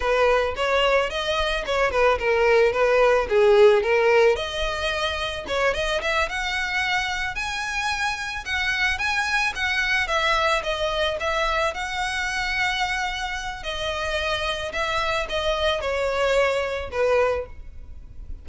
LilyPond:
\new Staff \with { instrumentName = "violin" } { \time 4/4 \tempo 4 = 110 b'4 cis''4 dis''4 cis''8 b'8 | ais'4 b'4 gis'4 ais'4 | dis''2 cis''8 dis''8 e''8 fis''8~ | fis''4. gis''2 fis''8~ |
fis''8 gis''4 fis''4 e''4 dis''8~ | dis''8 e''4 fis''2~ fis''8~ | fis''4 dis''2 e''4 | dis''4 cis''2 b'4 | }